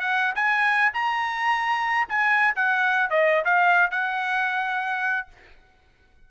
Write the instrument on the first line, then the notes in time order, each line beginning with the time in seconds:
trumpet
0.00 F#5
0.35 G#5
0.93 A#5
2.09 G#5
2.55 F#5
3.10 D#5
3.45 F5
3.91 F#5